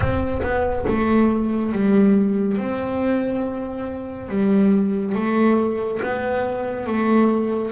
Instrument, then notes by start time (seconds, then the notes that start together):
double bass
0.00 C4
0.42 B3
0.88 A3
1.72 G3
2.57 C4
4.29 G3
5.14 A3
6.02 B3
6.86 A3